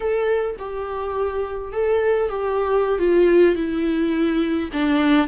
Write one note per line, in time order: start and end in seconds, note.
0.00 0.56 A4
0.58 1.72 G4
1.72 2.29 A4
2.29 2.99 G4
2.99 3.55 F4
3.55 4.69 E4
4.72 5.27 D4